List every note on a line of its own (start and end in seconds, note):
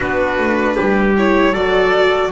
0.00 0.38 B3
0.00 1.15 D4
0.00 0.75 F#4
0.00 1.15 B4
0.38 0.76 A3
0.75 1.54 G3
0.75 1.52 G4
1.17 1.54 E4
1.17 1.54 C#5
1.52 2.31 F#3
1.52 2.31 F#4
1.52 2.29 A4
1.52 2.31 D5